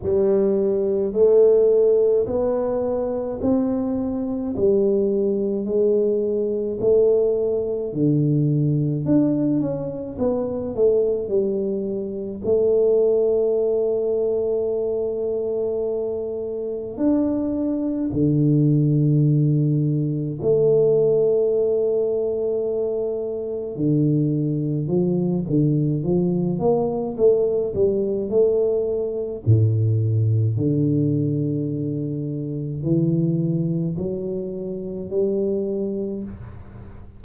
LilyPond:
\new Staff \with { instrumentName = "tuba" } { \time 4/4 \tempo 4 = 53 g4 a4 b4 c'4 | g4 gis4 a4 d4 | d'8 cis'8 b8 a8 g4 a4~ | a2. d'4 |
d2 a2~ | a4 d4 f8 d8 f8 ais8 | a8 g8 a4 a,4 d4~ | d4 e4 fis4 g4 | }